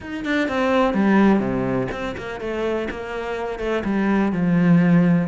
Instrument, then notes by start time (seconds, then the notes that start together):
cello
0.00 D#4
0.24 D4
0.48 C4
0.94 G3
1.39 C3
1.91 C4
2.17 A#3
2.40 A3
2.90 A#3
3.59 A3
3.84 G3
4.32 F3